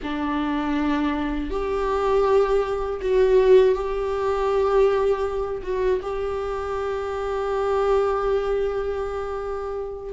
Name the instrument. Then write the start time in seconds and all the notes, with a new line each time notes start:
viola
0.02 D4
1.50 G4
3.01 F#4
3.74 G4
5.62 F#4
6.01 G4